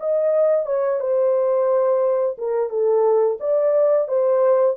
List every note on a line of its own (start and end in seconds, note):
0.00 0.66 D#5
0.66 1.00 C#5
1.00 2.36 C5
2.38 2.70 A#4
2.70 3.38 A4
3.40 4.08 D5
4.08 4.76 C5